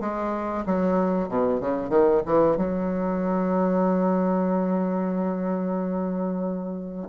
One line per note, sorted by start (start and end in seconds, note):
0.00 0.65 G#3
0.66 1.28 F#3
1.28 1.60 B2
1.60 1.89 C#3
1.89 2.22 D#3
2.26 2.57 E3
2.57 7.09 F#3